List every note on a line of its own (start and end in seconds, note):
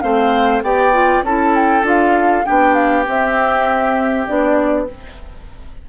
0.00 0.62 A3
0.00 0.62 C4
0.00 0.63 C5
0.00 0.61 F5
0.62 1.22 B3
0.62 0.92 G4
0.62 1.24 D5
0.62 1.23 G5
0.92 1.23 F4
1.22 1.82 C#4
1.22 1.82 E4
1.22 2.45 A4
1.22 1.55 A5
1.55 1.85 G5
1.82 2.43 D4
1.82 2.43 F4
1.82 2.45 F5
2.45 3.07 B3
2.45 3.05 D4
2.45 4.88 G4
2.45 2.74 G5
2.74 3.04 F5
3.05 4.26 C4
3.05 4.28 C4
3.05 4.26 E5
4.26 4.89 B3
4.26 4.86 D4
4.26 4.86 D5